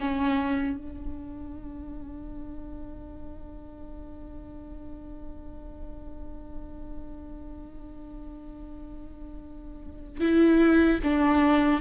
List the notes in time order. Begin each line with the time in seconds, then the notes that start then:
0.00 C#4
0.77 D4
10.20 E4
11.03 D4